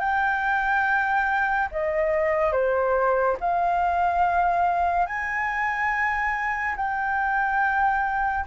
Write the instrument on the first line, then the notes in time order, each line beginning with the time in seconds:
flute
0.00 G5
1.72 D#5
2.52 C5
3.40 F5
5.06 G#5
6.76 G5